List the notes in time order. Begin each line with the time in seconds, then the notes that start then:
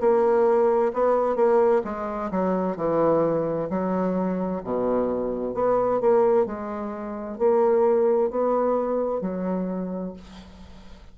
0.00 A#3
0.94 B3
1.36 A#3
1.85 G#3
2.31 F#3
2.77 E3
3.70 F#3
4.64 B2
5.54 B3
6.00 A#3
6.46 G#3
7.38 A#3
8.30 B3
9.21 F#3